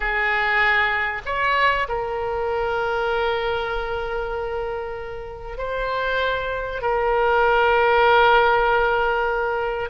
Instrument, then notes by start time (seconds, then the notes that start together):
oboe
0.00 G#4
1.25 C#5
1.88 A#4
5.57 C5
6.81 A#4